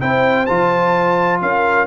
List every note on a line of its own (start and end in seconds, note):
0.00 0.48 C4
0.00 0.47 E4
0.00 1.41 C5
0.00 0.46 G5
0.46 1.41 F3
0.46 1.87 F4
0.46 1.39 A5
1.41 1.87 C#4
1.41 1.87 A#4
1.41 1.87 F5